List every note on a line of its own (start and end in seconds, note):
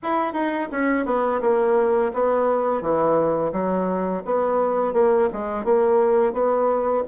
0.02 0.33 E4
0.33 0.68 D#4
0.71 1.05 C#4
1.05 1.41 B3
1.41 2.11 A#3
2.13 2.81 B3
2.81 3.52 E3
3.52 4.23 F#3
4.25 4.93 B3
4.93 5.28 A#3
5.33 5.64 G#3
5.64 6.32 A#3
6.32 7.03 B3